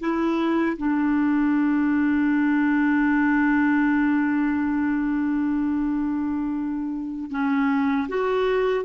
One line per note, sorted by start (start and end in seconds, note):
0.00 0.77 E4
0.77 7.31 D4
7.31 8.08 C#4
8.08 8.85 F#4